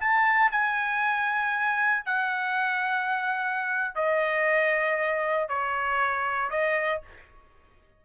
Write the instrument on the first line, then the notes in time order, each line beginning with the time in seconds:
trumpet
0.00 A5
0.52 G#5
2.05 F#5
3.95 D#5
5.48 C#5
6.50 D#5